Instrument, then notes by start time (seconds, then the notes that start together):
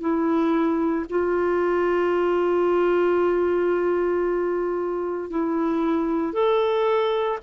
clarinet
0.00 E4
1.10 F4
5.30 E4
6.33 A4